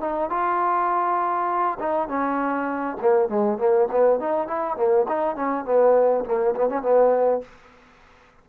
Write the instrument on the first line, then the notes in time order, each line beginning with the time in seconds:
trombone
0.00 D#4
0.30 F4
1.79 D#4
2.08 C#4
3.01 A#3
3.28 G#3
3.58 A#3
3.91 B3
4.19 D#4
4.47 E4
4.77 A#3
5.08 D#4
5.35 C#4
5.65 B3
6.25 A#3
6.55 B3
6.69 C#4
6.82 B3